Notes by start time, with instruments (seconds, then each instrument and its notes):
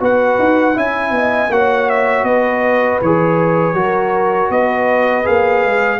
0.00 tuba B3, trombone F#4, horn B4, trumpet F#5
0.39 tuba D#4
0.74 tuba C#4, trombone E4, horn E5, trumpet G#5
1.11 tuba B3, horn D#5
1.50 tuba A#3, trombone F#4, horn C#5, trumpet F#5
1.90 trumpet E5
2.23 tuba B3, horn B4, trumpet D#5
3.02 tuba E3, trombone G#4, trumpet C#5
3.74 tuba F#3, trombone F#4, horn A#4
4.50 tuba B3, horn B4, trumpet D#5
5.24 tuba A#3, trombone G#4, trumpet F5
5.65 tuba G#3